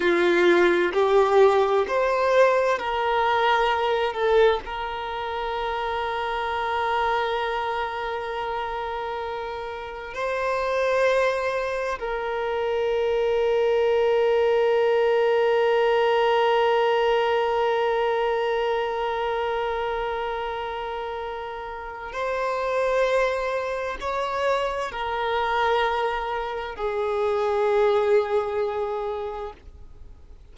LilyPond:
\new Staff \with { instrumentName = "violin" } { \time 4/4 \tempo 4 = 65 f'4 g'4 c''4 ais'4~ | ais'8 a'8 ais'2.~ | ais'2. c''4~ | c''4 ais'2.~ |
ais'1~ | ais'1 | c''2 cis''4 ais'4~ | ais'4 gis'2. | }